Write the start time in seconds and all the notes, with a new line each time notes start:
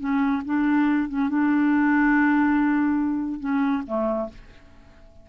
0.00 C#4
0.46 D4
1.09 C#4
1.29 D4
3.40 C#4
3.87 A3